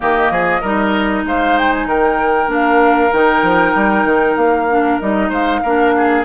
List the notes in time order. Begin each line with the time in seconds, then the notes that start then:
0.00 D#3 A#3 G4 D#5
0.30 F3 G#4
0.60 G3 D#4 A#4
1.24 G#3 C5 F5
1.58 G5
1.72 G#5
1.85 D#3 A#4 G5
2.47 A#3 D4
2.53 F5
3.12 D#3 D#4 G5
3.42 F3
3.74 G3
4.04 D#3
4.36 A#3 F5
4.69 D4
4.99 G3 D#4 D#5
5.29 G#3 C5 F5
5.62 A#3 D4 A#4
5.96 G#4